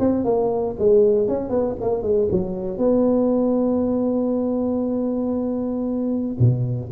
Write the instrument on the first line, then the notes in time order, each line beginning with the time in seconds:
tuba
0.00 C4
0.25 A#3
0.79 G#3
1.28 C#4
1.50 B3
1.82 A#3
2.03 G#3
2.32 F#3
2.78 B3
6.40 B2